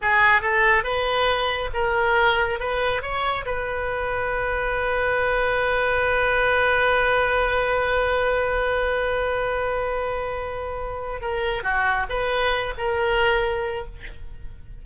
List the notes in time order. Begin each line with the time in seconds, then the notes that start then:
0.01 G#4
0.41 A4
0.83 B4
1.73 A#4
2.59 B4
3.02 C#5
3.45 B4
11.21 A#4
11.63 F#4
12.09 B4
12.77 A#4